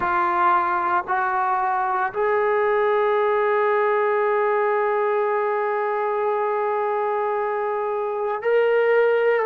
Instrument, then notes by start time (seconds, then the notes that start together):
trombone
0.00 F4
1.07 F#4
2.13 G#4
8.42 A#4